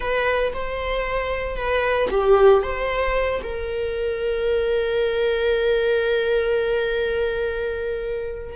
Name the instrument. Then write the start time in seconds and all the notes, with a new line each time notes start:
viola
0.00 B4
0.53 C5
1.56 B4
2.10 G4
2.62 C5
3.43 A#4